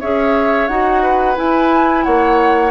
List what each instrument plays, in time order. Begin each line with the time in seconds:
0.00 bassoon C#4, clarinet G#4, oboe C#5, flute E5
0.68 bassoon D#4, clarinet F#4, flute F#5
1.02 oboe B4
1.35 clarinet E4, bassoon E4, flute G#5
2.04 bassoon A#3, oboe C#5, flute F#5